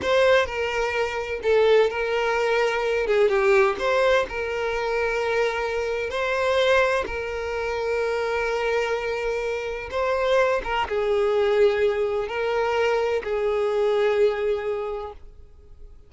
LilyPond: \new Staff \with { instrumentName = "violin" } { \time 4/4 \tempo 4 = 127 c''4 ais'2 a'4 | ais'2~ ais'8 gis'8 g'4 | c''4 ais'2.~ | ais'4 c''2 ais'4~ |
ais'1~ | ais'4 c''4. ais'8 gis'4~ | gis'2 ais'2 | gis'1 | }